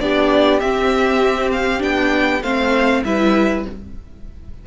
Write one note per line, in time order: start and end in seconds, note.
0.00 0.61 B3
0.00 0.61 D4
0.00 2.42 G4
0.00 0.60 D5
0.60 1.79 C4
0.60 1.82 C4
0.60 1.51 E5
1.52 1.82 F5
1.79 2.42 B3
1.79 2.40 D4
1.79 2.42 G5
2.42 3.03 A3
2.42 3.05 C4
2.42 3.03 C5
2.42 3.03 F5
3.04 3.65 G3
3.04 3.66 E4
3.04 3.67 B4
3.04 3.65 E5